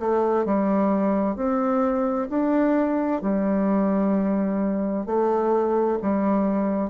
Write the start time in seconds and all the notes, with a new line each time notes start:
0.00 A3
0.46 G3
1.36 C4
2.30 D4
3.22 G3
5.06 A3
6.02 G3